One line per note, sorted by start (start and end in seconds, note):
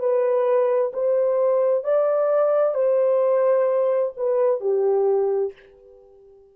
0.00 0.92 B4
0.94 1.85 C5
1.85 2.75 D5
2.75 4.13 C5
4.17 4.61 B4
4.61 5.53 G4